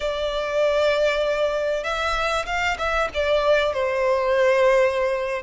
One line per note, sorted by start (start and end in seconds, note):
0.00 1.83 D5
1.83 2.45 E5
2.46 2.77 F5
2.78 3.08 E5
3.13 3.73 D5
3.73 5.42 C5